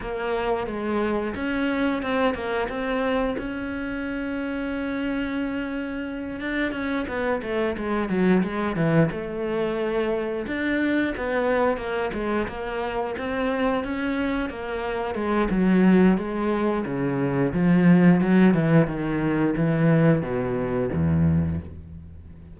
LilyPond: \new Staff \with { instrumentName = "cello" } { \time 4/4 \tempo 4 = 89 ais4 gis4 cis'4 c'8 ais8 | c'4 cis'2.~ | cis'4. d'8 cis'8 b8 a8 gis8 | fis8 gis8 e8 a2 d'8~ |
d'8 b4 ais8 gis8 ais4 c'8~ | c'8 cis'4 ais4 gis8 fis4 | gis4 cis4 f4 fis8 e8 | dis4 e4 b,4 e,4 | }